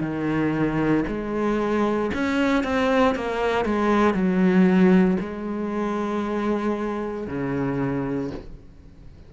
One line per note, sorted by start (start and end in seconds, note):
0.00 1.03 D#3
1.07 2.11 G#3
2.14 2.63 C#4
2.63 3.15 C4
3.15 3.65 A#3
3.65 4.14 G#3
4.14 5.17 F#3
5.20 7.27 G#3
7.27 8.30 C#3